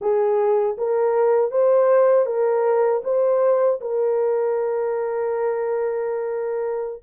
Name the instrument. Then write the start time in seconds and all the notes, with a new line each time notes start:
horn
0.01 G#4
0.77 A#4
1.51 C5
2.25 A#4
3.04 C5
3.80 A#4